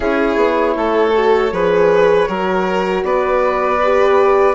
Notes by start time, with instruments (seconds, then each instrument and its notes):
0.00 bassoon C#4, horn E4, violin G#4, flute C#5
0.35 bassoon B3
0.76 bassoon A3, violin A4
1.14 horn F#4
1.51 bassoon F3, horn G#4, violin B4
2.28 bassoon F#3, horn F#4, violin A#4
3.03 bassoon B3, violin B4, flute D5
3.83 horn G4